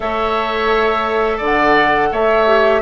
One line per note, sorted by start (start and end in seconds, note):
0.00 1.39 A3
0.00 2.46 A4
0.00 1.37 C#5
0.00 1.40 E5
1.37 2.10 D3
1.37 2.08 D5
1.44 2.13 F#5
2.12 2.81 A3
2.12 2.81 C#5
2.12 2.81 E5
2.46 2.81 G4